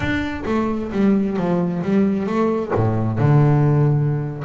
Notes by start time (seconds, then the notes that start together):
0.00 D4
0.45 A3
0.92 G3
1.36 F3
1.82 G3
2.26 A3
2.74 A2
3.18 D3